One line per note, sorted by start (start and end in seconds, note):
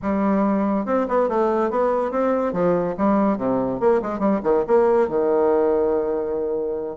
0.02 0.85 G3
0.85 1.07 C4
1.08 1.28 B3
1.28 1.70 A3
1.70 2.11 B3
2.11 2.53 C4
2.53 2.95 F3
2.97 3.37 G3
3.37 3.79 C3
3.80 4.01 A#3
4.01 4.19 G#3
4.19 4.40 G3
4.43 4.64 D#3
4.67 5.08 A#3
5.08 6.96 D#3